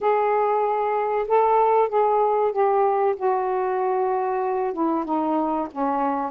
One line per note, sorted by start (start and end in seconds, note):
0.00 1.27 G#4
1.27 1.88 A4
1.88 2.51 G#4
2.52 3.15 G4
3.16 4.73 F#4
4.73 5.04 E4
5.04 5.68 D#4
5.71 6.31 C#4